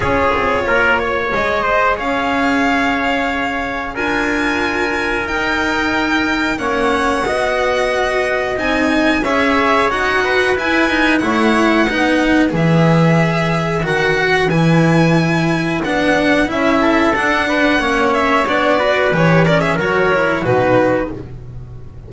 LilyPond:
<<
  \new Staff \with { instrumentName = "violin" } { \time 4/4 \tempo 4 = 91 cis''2 dis''4 f''4~ | f''2 gis''2 | g''2 fis''2~ | fis''4 gis''4 e''4 fis''4 |
gis''4 fis''2 e''4~ | e''4 fis''4 gis''2 | fis''4 e''4 fis''4. e''8 | d''4 cis''8 d''16 e''16 cis''4 b'4 | }
  \new Staff \with { instrumentName = "trumpet" } { \time 4/4 gis'4 ais'8 cis''4 c''8 cis''4~ | cis''2 ais'2~ | ais'2 cis''4 dis''4~ | dis''2 cis''4. b'8~ |
b'4 cis''4 b'2~ | b'1~ | b'4. a'4 b'8 cis''4~ | cis''8 b'4 ais'16 gis'16 ais'4 fis'4 | }
  \new Staff \with { instrumentName = "cello" } { \time 4/4 f'2 gis'2~ | gis'2 f'2 | dis'2 cis'4 fis'4~ | fis'4 dis'4 gis'4 fis'4 |
e'8 dis'8 e'4 dis'4 gis'4~ | gis'4 fis'4 e'2 | d'4 e'4 d'4 cis'4 | d'8 fis'8 g'8 cis'8 fis'8 e'8 dis'4 | }
  \new Staff \with { instrumentName = "double bass" } { \time 4/4 cis'8 c'8 ais4 gis4 cis'4~ | cis'2 d'2 | dis'2 ais4 b4~ | b4 c'4 cis'4 dis'4 |
e'4 a4 b4 e4~ | e4 dis4 e2 | b4 cis'4 d'4 ais4 | b4 e4 fis4 b,4 | }
>>